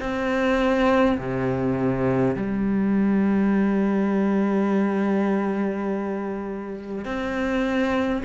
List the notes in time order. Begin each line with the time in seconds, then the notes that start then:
0.00 C4
1.18 C3
2.36 G3
7.05 C4